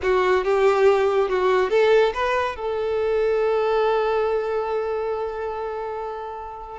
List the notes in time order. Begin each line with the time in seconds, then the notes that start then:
0.02 F#4
0.44 G4
1.29 F#4
1.70 A4
2.14 B4
2.56 A4